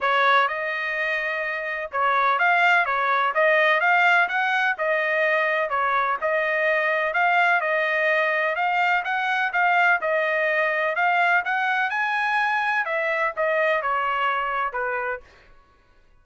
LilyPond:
\new Staff \with { instrumentName = "trumpet" } { \time 4/4 \tempo 4 = 126 cis''4 dis''2. | cis''4 f''4 cis''4 dis''4 | f''4 fis''4 dis''2 | cis''4 dis''2 f''4 |
dis''2 f''4 fis''4 | f''4 dis''2 f''4 | fis''4 gis''2 e''4 | dis''4 cis''2 b'4 | }